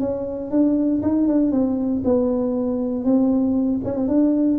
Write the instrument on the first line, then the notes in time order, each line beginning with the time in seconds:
tuba
0.00 C#4
0.51 D4
1.03 D#4
1.28 D4
1.52 C4
2.05 B3
3.05 C4
3.85 C#4
3.96 C4
4.08 D4